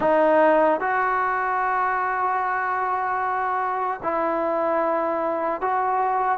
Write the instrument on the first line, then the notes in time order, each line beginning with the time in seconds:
trombone
0.00 D#4
0.80 F#4
4.02 E4
5.61 F#4